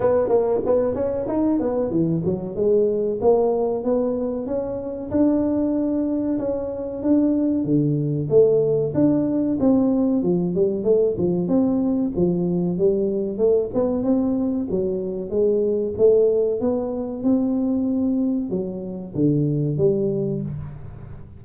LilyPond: \new Staff \with { instrumentName = "tuba" } { \time 4/4 \tempo 4 = 94 b8 ais8 b8 cis'8 dis'8 b8 e8 fis8 | gis4 ais4 b4 cis'4 | d'2 cis'4 d'4 | d4 a4 d'4 c'4 |
f8 g8 a8 f8 c'4 f4 | g4 a8 b8 c'4 fis4 | gis4 a4 b4 c'4~ | c'4 fis4 d4 g4 | }